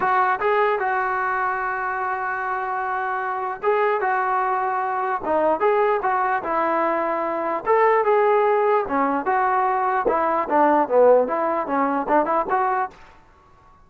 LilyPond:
\new Staff \with { instrumentName = "trombone" } { \time 4/4 \tempo 4 = 149 fis'4 gis'4 fis'2~ | fis'1~ | fis'4 gis'4 fis'2~ | fis'4 dis'4 gis'4 fis'4 |
e'2. a'4 | gis'2 cis'4 fis'4~ | fis'4 e'4 d'4 b4 | e'4 cis'4 d'8 e'8 fis'4 | }